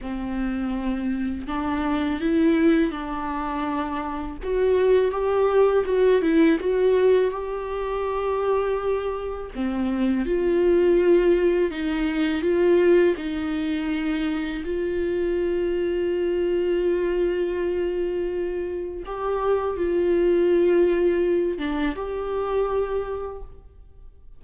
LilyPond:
\new Staff \with { instrumentName = "viola" } { \time 4/4 \tempo 4 = 82 c'2 d'4 e'4 | d'2 fis'4 g'4 | fis'8 e'8 fis'4 g'2~ | g'4 c'4 f'2 |
dis'4 f'4 dis'2 | f'1~ | f'2 g'4 f'4~ | f'4. d'8 g'2 | }